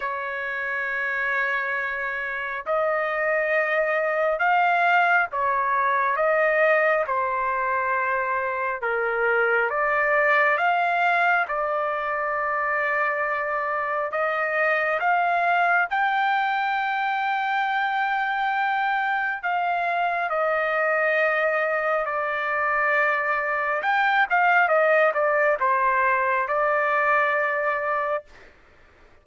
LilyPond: \new Staff \with { instrumentName = "trumpet" } { \time 4/4 \tempo 4 = 68 cis''2. dis''4~ | dis''4 f''4 cis''4 dis''4 | c''2 ais'4 d''4 | f''4 d''2. |
dis''4 f''4 g''2~ | g''2 f''4 dis''4~ | dis''4 d''2 g''8 f''8 | dis''8 d''8 c''4 d''2 | }